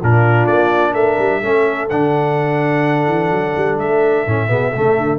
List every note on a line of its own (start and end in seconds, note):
0.00 0.46 A#2
0.00 1.42 D4
0.00 0.92 F4
0.00 0.46 A#4
0.46 0.93 A#3
0.46 0.93 D5
0.92 1.17 A3
0.92 1.39 A#4
0.92 1.88 E5
1.18 1.42 G3
1.42 1.89 A3
1.42 1.89 C#4
1.42 4.49 A4
1.89 3.07 D3
1.89 4.27 D4
1.89 3.78 F#5
3.07 3.30 E3
3.30 3.54 F#3
3.56 3.77 G3
3.77 4.25 A3
3.77 5.19 E5
4.26 4.49 A2
4.26 4.47 C#4
4.47 4.72 B2
4.47 4.71 B3
4.47 4.70 G#4
4.70 5.19 A3
4.70 5.17 A4
4.77 4.97 C#3
4.97 5.19 D3